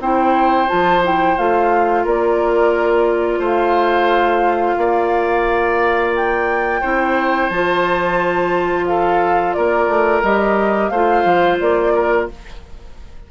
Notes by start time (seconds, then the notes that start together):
0.00 C4 E4 C5 G5
0.68 F3 F4 A5
1.04 E4 G5
1.38 A3 F4 F5
2.04 A#3 A#4 D5
3.39 A3 C5 F5
4.78 A#3 D5
6.16 G5
6.81 C4 E4 C5
7.50 F3 F4 A5
8.86 A4 F5
9.54 A#3 A#4 D5
9.88 A3
10.23 G3 G4 D#5
10.89 A3 F4 C5 F5
11.25 F3
11.60 A#3 D5
11.94 A#4